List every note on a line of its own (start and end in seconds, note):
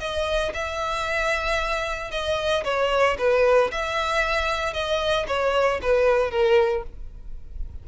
0.00 0.53 D#5
0.54 2.11 E5
2.11 2.64 D#5
2.64 3.17 C#5
3.18 3.71 B4
3.72 4.74 E5
4.74 5.26 D#5
5.28 5.80 C#5
5.82 6.30 B4
6.30 6.83 A#4